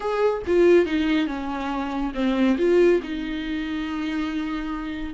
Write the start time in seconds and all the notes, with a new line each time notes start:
0.00 G#4
0.47 F4
0.85 D#4
1.26 C#4
2.14 C4
2.57 F4
3.03 D#4